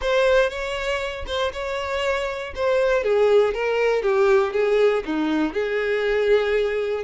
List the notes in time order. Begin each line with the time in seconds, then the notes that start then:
0.01 C5
0.49 C#5
1.26 C5
1.52 C#5
2.55 C5
3.03 G#4
3.54 A#4
4.02 G4
4.52 G#4
5.05 D#4
5.53 G#4